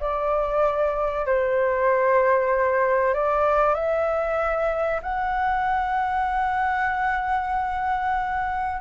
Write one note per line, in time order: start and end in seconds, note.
0.00 1.26 D5
1.26 3.14 C5
3.14 3.75 D5
3.75 5.01 E5
5.02 8.81 F#5